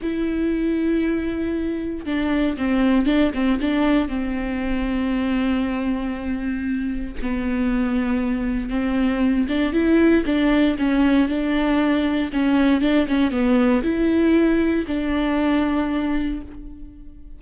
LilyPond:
\new Staff \with { instrumentName = "viola" } { \time 4/4 \tempo 4 = 117 e'1 | d'4 c'4 d'8 c'8 d'4 | c'1~ | c'2 b2~ |
b4 c'4. d'8 e'4 | d'4 cis'4 d'2 | cis'4 d'8 cis'8 b4 e'4~ | e'4 d'2. | }